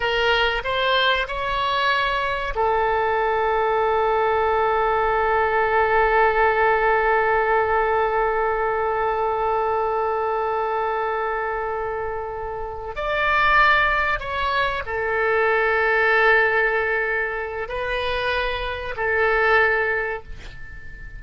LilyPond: \new Staff \with { instrumentName = "oboe" } { \time 4/4 \tempo 4 = 95 ais'4 c''4 cis''2 | a'1~ | a'1~ | a'1~ |
a'1~ | a'8 d''2 cis''4 a'8~ | a'1 | b'2 a'2 | }